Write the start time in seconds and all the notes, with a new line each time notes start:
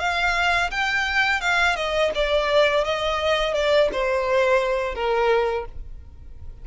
0.00 F5
0.71 G5
1.41 F5
1.76 D#5
2.15 D5
2.85 D#5
3.54 D5
3.93 C5
4.95 A#4